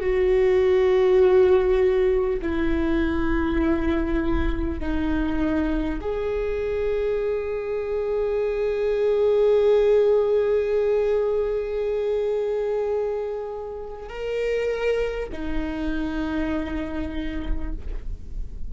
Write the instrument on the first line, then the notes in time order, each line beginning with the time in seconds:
viola
0.00 F#4
2.41 E4
4.79 D#4
6.01 G#4
14.08 A#4
15.32 D#4